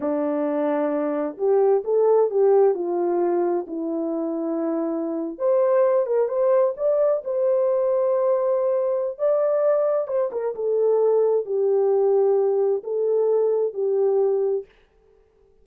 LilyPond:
\new Staff \with { instrumentName = "horn" } { \time 4/4 \tempo 4 = 131 d'2. g'4 | a'4 g'4 f'2 | e'2.~ e'8. c''16~ | c''4~ c''16 ais'8 c''4 d''4 c''16~ |
c''1 | d''2 c''8 ais'8 a'4~ | a'4 g'2. | a'2 g'2 | }